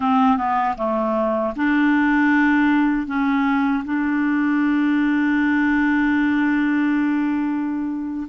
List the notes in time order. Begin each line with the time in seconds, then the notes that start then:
0.00 C4
0.37 B3
0.77 A3
1.56 D4
3.06 C#4
3.84 D4